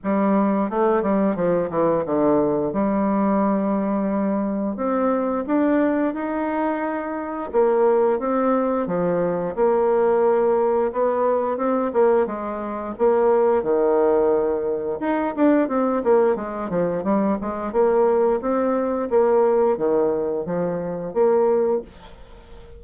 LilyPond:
\new Staff \with { instrumentName = "bassoon" } { \time 4/4 \tempo 4 = 88 g4 a8 g8 f8 e8 d4 | g2. c'4 | d'4 dis'2 ais4 | c'4 f4 ais2 |
b4 c'8 ais8 gis4 ais4 | dis2 dis'8 d'8 c'8 ais8 | gis8 f8 g8 gis8 ais4 c'4 | ais4 dis4 f4 ais4 | }